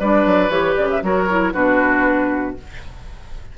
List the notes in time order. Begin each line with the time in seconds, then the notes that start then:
0.00 G3 D4 B4 D5
0.26 F#3
0.50 E3 G4 C#5
0.76 C#3 D5
0.91 E5
1.02 F#3 F#4 A#4 C#5
1.30 E4
1.54 B2 D4 F#4 B4